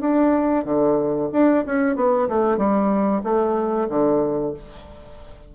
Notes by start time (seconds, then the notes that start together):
0.00 D4
0.64 D3
1.32 D4
1.66 C#4
1.96 B3
2.28 A3
2.57 G3
3.23 A3
3.89 D3